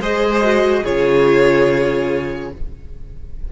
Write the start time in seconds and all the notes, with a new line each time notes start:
0.00 G#3 G#4 C5 D#5
0.43 F#4
0.83 C#3 F4 G#4 C#5